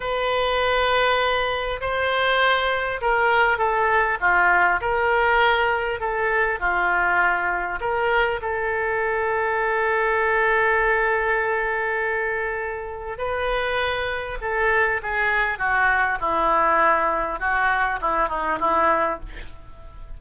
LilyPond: \new Staff \with { instrumentName = "oboe" } { \time 4/4 \tempo 4 = 100 b'2. c''4~ | c''4 ais'4 a'4 f'4 | ais'2 a'4 f'4~ | f'4 ais'4 a'2~ |
a'1~ | a'2 b'2 | a'4 gis'4 fis'4 e'4~ | e'4 fis'4 e'8 dis'8 e'4 | }